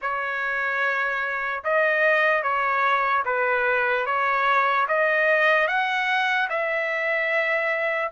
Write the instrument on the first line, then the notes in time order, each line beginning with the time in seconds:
trumpet
0.01 C#5
1.64 D#5
2.42 C#5
3.25 B4
4.05 C#5
4.88 D#5
5.67 F#5
6.49 E5